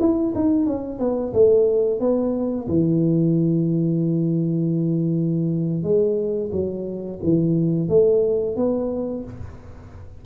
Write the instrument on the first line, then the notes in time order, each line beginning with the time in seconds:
tuba
0.00 E4
0.35 D#4
0.66 C#4
0.99 B3
1.34 A3
2.00 B3
2.68 E3
5.83 G#3
6.52 F#3
7.23 E3
7.89 A3
8.56 B3